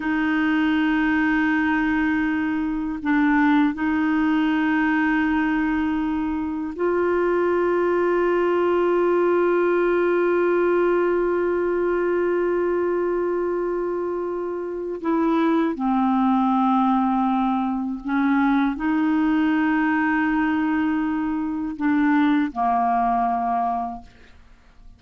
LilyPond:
\new Staff \with { instrumentName = "clarinet" } { \time 4/4 \tempo 4 = 80 dis'1 | d'4 dis'2.~ | dis'4 f'2.~ | f'1~ |
f'1 | e'4 c'2. | cis'4 dis'2.~ | dis'4 d'4 ais2 | }